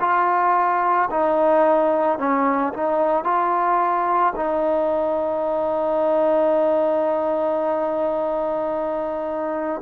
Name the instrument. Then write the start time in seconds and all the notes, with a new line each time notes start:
trombone
0.00 F4
1.10 D#4
2.18 C#4
2.73 D#4
3.24 F4
4.35 D#4